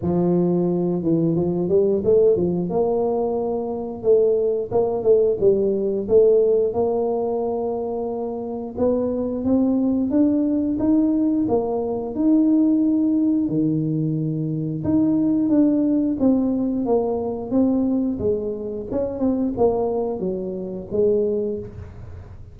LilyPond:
\new Staff \with { instrumentName = "tuba" } { \time 4/4 \tempo 4 = 89 f4. e8 f8 g8 a8 f8 | ais2 a4 ais8 a8 | g4 a4 ais2~ | ais4 b4 c'4 d'4 |
dis'4 ais4 dis'2 | dis2 dis'4 d'4 | c'4 ais4 c'4 gis4 | cis'8 c'8 ais4 fis4 gis4 | }